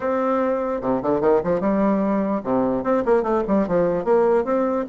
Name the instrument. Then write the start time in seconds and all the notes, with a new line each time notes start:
bassoon
0.00 C4
0.81 C3
1.02 D3
1.21 D#3
1.43 F3
1.60 G3
2.43 C3
2.83 C4
3.05 A#3
3.22 A3
3.47 G3
3.67 F3
4.04 A#3
4.44 C4